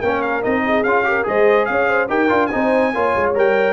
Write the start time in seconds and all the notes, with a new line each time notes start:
0.00 A#3 C#4 A#4 G5
0.22 F5
0.43 C4 D#4 D#5
0.67 G#4
0.84 C#4 F4 F5
1.05 G4 A#4
1.24 G#3 G#4 C5 D#5
1.66 C#4 C#5 F5
1.89 C5
2.09 D#4 G4 A#4 G5
2.30 D4 F4
2.47 D#4 G#5
2.54 C4 C5
2.94 A#3 F4 C#5
3.16 G#3
3.35 G3 A#4 G5